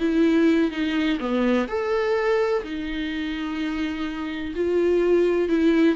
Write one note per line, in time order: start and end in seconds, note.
0.00 0.71 E4
0.71 1.19 D#4
1.20 1.68 B3
1.68 2.63 A4
2.64 4.54 D#4
4.55 5.49 F4
5.49 5.96 E4